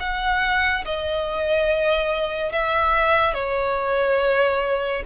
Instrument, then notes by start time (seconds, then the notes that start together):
violin
0.00 F#5
0.85 D#5
2.52 E5
3.34 C#5